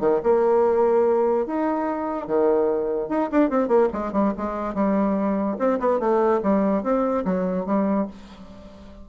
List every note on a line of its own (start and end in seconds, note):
0.00 0.21 D#3
0.23 1.46 A#3
1.46 2.27 D#4
2.27 3.09 D#3
3.09 3.30 D#4
3.31 3.50 D4
3.50 3.68 C4
3.68 3.89 A#3
3.93 4.12 G#3
4.12 4.33 G3
4.37 4.74 G#3
4.74 5.57 G3
5.59 5.79 C4
5.80 6.00 B3
6.00 6.41 A3
6.43 6.83 G3
6.83 7.25 C4
7.25 7.66 F#3
7.66 8.07 G3